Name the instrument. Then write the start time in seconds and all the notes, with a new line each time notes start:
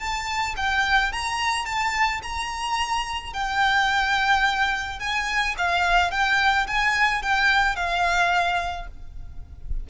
violin
0.00 A5
0.57 G5
1.13 A#5
1.66 A5
2.23 A#5
3.34 G5
5.00 G#5
5.58 F5
6.12 G5
6.67 G#5
7.23 G5
7.77 F5